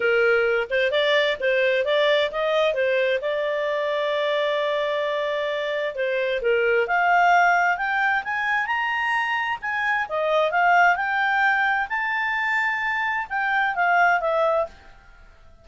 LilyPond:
\new Staff \with { instrumentName = "clarinet" } { \time 4/4 \tempo 4 = 131 ais'4. c''8 d''4 c''4 | d''4 dis''4 c''4 d''4~ | d''1~ | d''4 c''4 ais'4 f''4~ |
f''4 g''4 gis''4 ais''4~ | ais''4 gis''4 dis''4 f''4 | g''2 a''2~ | a''4 g''4 f''4 e''4 | }